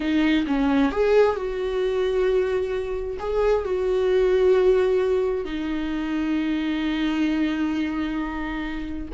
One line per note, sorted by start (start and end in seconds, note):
0.00 0.45 D#4
0.46 0.91 C#4
0.91 1.36 G#4
1.36 3.17 F#4
3.19 3.64 G#4
3.64 5.44 F#4
5.44 9.08 D#4